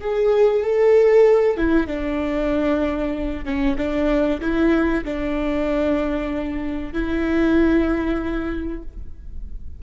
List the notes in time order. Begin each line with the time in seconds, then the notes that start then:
0.00 G#4
0.63 A4
1.57 E4
1.87 D4
3.45 C#4
3.77 D4
4.41 E4
5.04 D4
6.93 E4